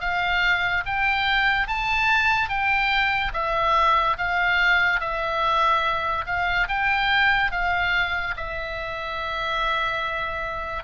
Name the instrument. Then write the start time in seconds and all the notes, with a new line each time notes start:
oboe
0.00 F5
0.86 G5
1.67 A5
2.48 G5
3.33 E5
4.17 F5
5.00 E5
6.26 F5
6.68 G5
7.51 F5
8.36 E5